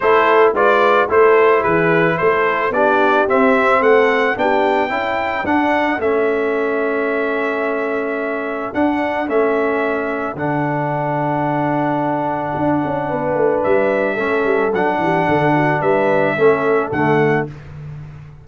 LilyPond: <<
  \new Staff \with { instrumentName = "trumpet" } { \time 4/4 \tempo 4 = 110 c''4 d''4 c''4 b'4 | c''4 d''4 e''4 fis''4 | g''2 fis''4 e''4~ | e''1 |
fis''4 e''2 fis''4~ | fis''1~ | fis''4 e''2 fis''4~ | fis''4 e''2 fis''4 | }
  \new Staff \with { instrumentName = "horn" } { \time 4/4 a'4 b'4 a'4 gis'4 | a'4 g'2 a'4 | g'4 a'2.~ | a'1~ |
a'1~ | a'1 | b'2 a'4. g'8 | a'8 fis'8 b'4 a'2 | }
  \new Staff \with { instrumentName = "trombone" } { \time 4/4 e'4 f'4 e'2~ | e'4 d'4 c'2 | d'4 e'4 d'4 cis'4~ | cis'1 |
d'4 cis'2 d'4~ | d'1~ | d'2 cis'4 d'4~ | d'2 cis'4 a4 | }
  \new Staff \with { instrumentName = "tuba" } { \time 4/4 a4 gis4 a4 e4 | a4 b4 c'4 a4 | b4 cis'4 d'4 a4~ | a1 |
d'4 a2 d4~ | d2. d'8 cis'8 | b8 a8 g4 a8 g8 fis8 e8 | d4 g4 a4 d4 | }
>>